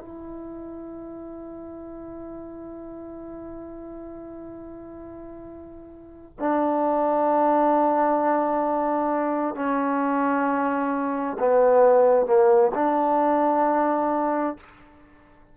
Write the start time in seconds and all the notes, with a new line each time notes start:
0.00 E4
6.39 D4
9.55 C#4
11.39 B3
12.26 A#3
12.75 D4